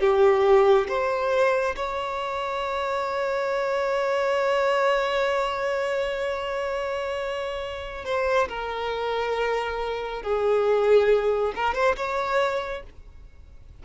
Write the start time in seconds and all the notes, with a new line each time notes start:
0.00 G4
0.88 C5
1.75 C#5
8.05 C5
8.49 A#4
10.23 G#4
11.55 A#4
11.74 C5
11.96 C#5